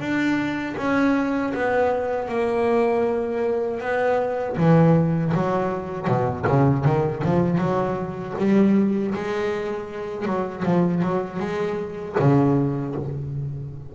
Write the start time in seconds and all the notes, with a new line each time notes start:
0.00 D4
0.78 C#4
1.55 B3
2.29 A#3
3.81 B3
4.57 E3
5.34 F#3
6.08 B2
6.48 C#3
6.85 D#3
7.25 F3
7.58 F#3
8.39 G3
9.15 G#3
10.26 F#3
10.65 F3
11.03 F#3
11.40 G#3
12.20 C#3